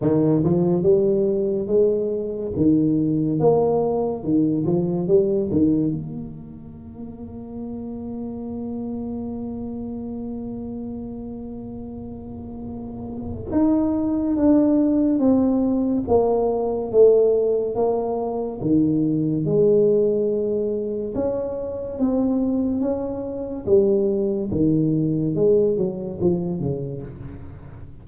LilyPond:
\new Staff \with { instrumentName = "tuba" } { \time 4/4 \tempo 4 = 71 dis8 f8 g4 gis4 dis4 | ais4 dis8 f8 g8 dis8 ais4~ | ais1~ | ais1 |
dis'4 d'4 c'4 ais4 | a4 ais4 dis4 gis4~ | gis4 cis'4 c'4 cis'4 | g4 dis4 gis8 fis8 f8 cis8 | }